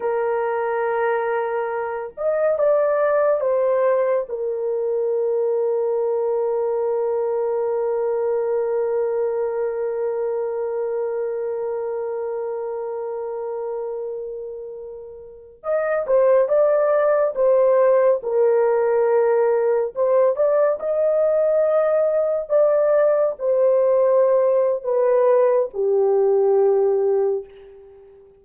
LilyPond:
\new Staff \with { instrumentName = "horn" } { \time 4/4 \tempo 4 = 70 ais'2~ ais'8 dis''8 d''4 | c''4 ais'2.~ | ais'1~ | ais'1~ |
ais'2~ ais'16 dis''8 c''8 d''8.~ | d''16 c''4 ais'2 c''8 d''16~ | d''16 dis''2 d''4 c''8.~ | c''4 b'4 g'2 | }